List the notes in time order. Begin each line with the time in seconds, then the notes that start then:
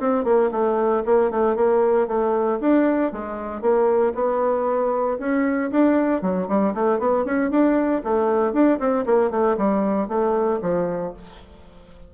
0.00 C4
0.24 A#3
0.51 A3
1.05 A#3
1.31 A3
1.56 A#3
2.07 A3
2.61 D4
3.12 G#3
3.61 A#3
4.14 B3
5.19 C#4
5.71 D4
6.22 F#3
6.48 G3
6.74 A3
6.99 B3
7.25 C#4
7.50 D4
8.04 A3
8.53 D4
8.79 C4
9.06 A#3
9.31 A3
9.57 G3
10.08 A3
10.62 F3